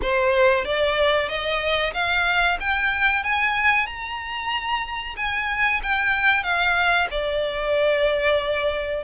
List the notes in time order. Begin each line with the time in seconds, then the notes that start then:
0.01 C5
0.65 D5
1.28 D#5
1.93 F5
2.60 G5
3.23 G#5
3.86 A#5
5.16 G#5
5.82 G5
6.43 F5
7.10 D5